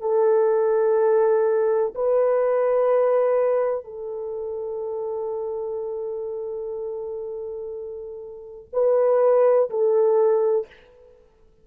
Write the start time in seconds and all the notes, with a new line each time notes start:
0.00 A4
1.94 B4
3.84 A4
8.72 B4
9.70 A4